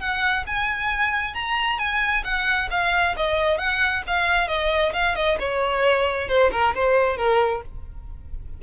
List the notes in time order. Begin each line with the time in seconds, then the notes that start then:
0.00 F#5
0.47 G#5
1.35 A#5
1.79 G#5
2.24 F#5
2.71 F5
3.17 D#5
3.58 F#5
4.07 F5
4.48 D#5
4.93 F5
5.16 D#5
5.40 C#5
6.28 C5
6.52 A#4
6.75 C5
7.17 A#4